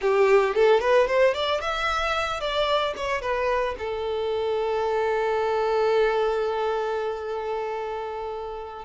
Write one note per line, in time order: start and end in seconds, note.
0.01 0.54 G4
0.54 0.80 A4
0.80 1.07 B4
1.07 1.33 C5
1.34 1.60 D5
1.60 2.40 E5
2.40 2.93 D5
2.96 3.21 C#5
3.21 3.75 B4
3.78 8.85 A4